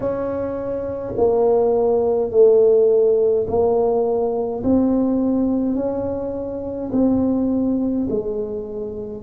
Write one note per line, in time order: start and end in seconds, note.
0.00 1.14 C#4
1.17 2.30 A#3
2.30 3.46 A3
3.47 4.63 A#3
4.63 5.75 C4
5.75 6.90 C#4
6.92 8.08 C4
8.10 9.23 G#3